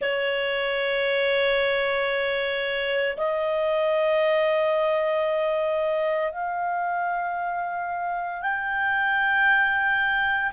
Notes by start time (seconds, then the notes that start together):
0.00 C#5
3.17 D#5
6.32 F5
8.42 G5